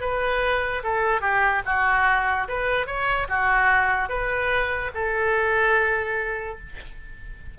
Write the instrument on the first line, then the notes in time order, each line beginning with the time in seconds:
oboe
0.00 B4
0.83 A4
1.21 G4
1.65 F#4
2.48 B4
2.86 C#5
3.28 F#4
4.08 B4
4.94 A4